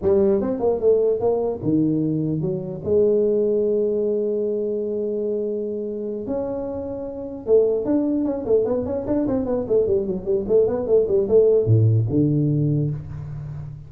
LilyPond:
\new Staff \with { instrumentName = "tuba" } { \time 4/4 \tempo 4 = 149 g4 c'8 ais8 a4 ais4 | dis2 fis4 gis4~ | gis1~ | gis2.~ gis8 cis'8~ |
cis'2~ cis'8 a4 d'8~ | d'8 cis'8 a8 b8 cis'8 d'8 c'8 b8 | a8 g8 fis8 g8 a8 b8 a8 g8 | a4 a,4 d2 | }